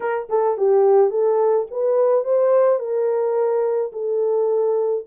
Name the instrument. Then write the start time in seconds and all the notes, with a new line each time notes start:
horn
0.00 A#4
0.29 A4
0.57 G4
1.10 A4
1.70 B4
2.24 C5
2.79 A#4
3.92 A4